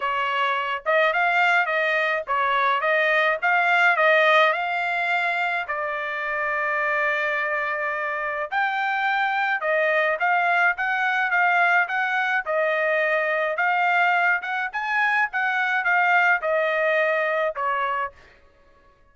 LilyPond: \new Staff \with { instrumentName = "trumpet" } { \time 4/4 \tempo 4 = 106 cis''4. dis''8 f''4 dis''4 | cis''4 dis''4 f''4 dis''4 | f''2 d''2~ | d''2. g''4~ |
g''4 dis''4 f''4 fis''4 | f''4 fis''4 dis''2 | f''4. fis''8 gis''4 fis''4 | f''4 dis''2 cis''4 | }